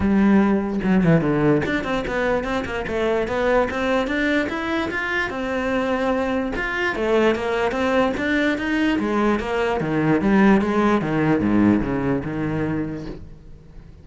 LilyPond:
\new Staff \with { instrumentName = "cello" } { \time 4/4 \tempo 4 = 147 g2 fis8 e8 d4 | d'8 c'8 b4 c'8 ais8 a4 | b4 c'4 d'4 e'4 | f'4 c'2. |
f'4 a4 ais4 c'4 | d'4 dis'4 gis4 ais4 | dis4 g4 gis4 dis4 | gis,4 cis4 dis2 | }